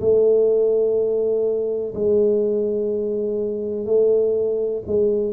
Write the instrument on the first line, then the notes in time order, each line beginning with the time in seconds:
tuba
0.00 A3
1.94 G#3
3.85 A3
4.87 G#3